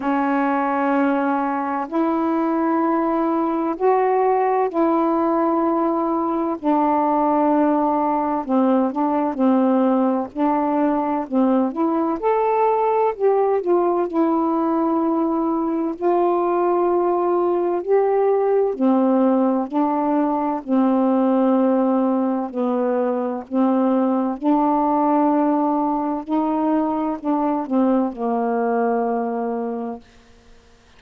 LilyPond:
\new Staff \with { instrumentName = "saxophone" } { \time 4/4 \tempo 4 = 64 cis'2 e'2 | fis'4 e'2 d'4~ | d'4 c'8 d'8 c'4 d'4 | c'8 e'8 a'4 g'8 f'8 e'4~ |
e'4 f'2 g'4 | c'4 d'4 c'2 | b4 c'4 d'2 | dis'4 d'8 c'8 ais2 | }